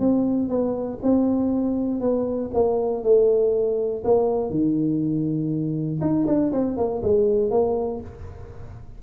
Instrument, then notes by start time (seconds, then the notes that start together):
tuba
0.00 C4
0.49 B3
1.03 C4
2.01 B3
2.54 A#3
3.04 A3
4.04 A#3
4.50 D#3
6.01 D#4
6.27 D4
6.52 C4
6.77 A#3
7.03 G#3
7.51 A#3